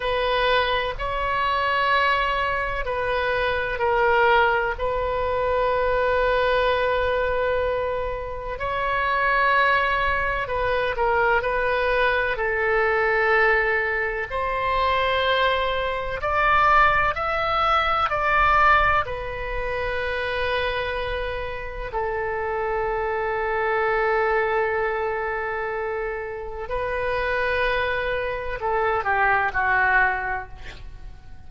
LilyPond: \new Staff \with { instrumentName = "oboe" } { \time 4/4 \tempo 4 = 63 b'4 cis''2 b'4 | ais'4 b'2.~ | b'4 cis''2 b'8 ais'8 | b'4 a'2 c''4~ |
c''4 d''4 e''4 d''4 | b'2. a'4~ | a'1 | b'2 a'8 g'8 fis'4 | }